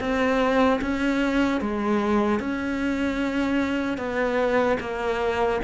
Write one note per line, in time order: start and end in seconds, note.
0.00 0.80 C4
0.81 1.61 C#4
1.61 2.40 G#3
2.40 3.97 C#4
3.97 4.77 B3
4.80 5.60 A#3